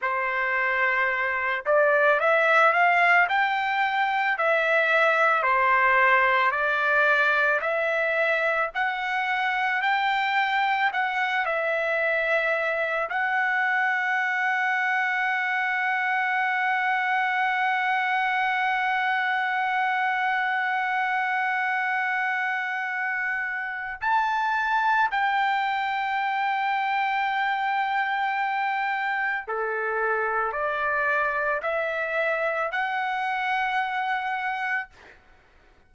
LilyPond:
\new Staff \with { instrumentName = "trumpet" } { \time 4/4 \tempo 4 = 55 c''4. d''8 e''8 f''8 g''4 | e''4 c''4 d''4 e''4 | fis''4 g''4 fis''8 e''4. | fis''1~ |
fis''1~ | fis''2 a''4 g''4~ | g''2. a'4 | d''4 e''4 fis''2 | }